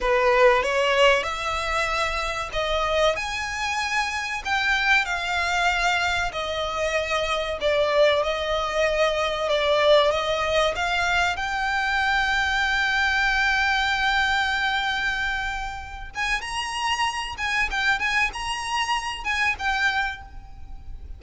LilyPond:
\new Staff \with { instrumentName = "violin" } { \time 4/4 \tempo 4 = 95 b'4 cis''4 e''2 | dis''4 gis''2 g''4 | f''2 dis''2 | d''4 dis''2 d''4 |
dis''4 f''4 g''2~ | g''1~ | g''4. gis''8 ais''4. gis''8 | g''8 gis''8 ais''4. gis''8 g''4 | }